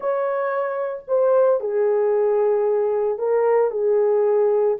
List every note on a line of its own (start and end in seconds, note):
0.00 1.02 C#5
1.07 1.60 C5
1.60 3.18 G#4
3.18 3.70 A#4
3.70 4.77 G#4